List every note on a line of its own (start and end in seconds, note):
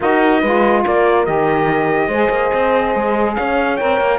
0.00 0.42 D#4
0.00 0.41 F#4
0.00 0.39 A#4
0.00 0.85 D#5
0.39 0.84 G#3
0.39 1.25 F4
0.39 0.81 B4
0.84 1.27 A#3
0.84 2.08 A#4
0.84 1.25 D5
1.25 2.07 D#3
1.25 2.09 G4
1.25 3.35 D#5
2.07 2.28 G#3
2.07 3.78 G#4
2.07 3.34 C5
2.30 2.51 A#3
2.53 2.95 C4
2.95 3.37 G#3
3.35 3.81 C#4
3.35 4.18 C#5
3.35 3.76 F5
3.76 4.00 C4
3.76 4.18 A#4
3.76 4.18 G5
4.00 4.18 A#3